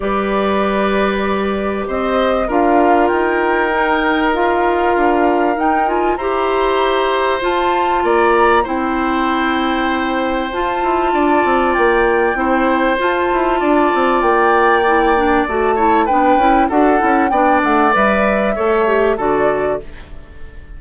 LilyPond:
<<
  \new Staff \with { instrumentName = "flute" } { \time 4/4 \tempo 4 = 97 d''2. dis''4 | f''4 g''2 f''4~ | f''4 g''8 gis''8 ais''2 | a''4 ais''4 g''2~ |
g''4 a''2 g''4~ | g''4 a''2 g''4~ | g''4 a''4 g''4 fis''4 | g''8 fis''8 e''2 d''4 | }
  \new Staff \with { instrumentName = "oboe" } { \time 4/4 b'2. c''4 | ais'1~ | ais'2 c''2~ | c''4 d''4 c''2~ |
c''2 d''2 | c''2 d''2~ | d''4. cis''8 b'4 a'4 | d''2 cis''4 a'4 | }
  \new Staff \with { instrumentName = "clarinet" } { \time 4/4 g'1 | f'2 dis'4 f'4~ | f'4 dis'8 f'8 g'2 | f'2 e'2~ |
e'4 f'2. | e'4 f'2. | e'8 d'8 fis'8 e'8 d'8 e'8 fis'8 e'8 | d'4 b'4 a'8 g'8 fis'4 | }
  \new Staff \with { instrumentName = "bassoon" } { \time 4/4 g2. c'4 | d'4 dis'2. | d'4 dis'4 e'2 | f'4 ais4 c'2~ |
c'4 f'8 e'8 d'8 c'8 ais4 | c'4 f'8 e'8 d'8 c'8 ais4~ | ais4 a4 b8 cis'8 d'8 cis'8 | b8 a8 g4 a4 d4 | }
>>